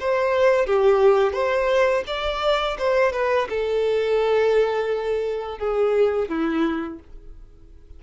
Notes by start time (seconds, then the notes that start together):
0.00 C5
0.66 G4
1.33 C5
2.07 D5
2.78 C5
3.13 B4
3.49 A4
5.58 G#4
6.29 E4